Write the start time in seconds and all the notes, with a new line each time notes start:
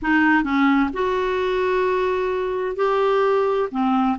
0.01 D#4
0.43 C#4
0.93 F#4
2.76 G4
3.71 C4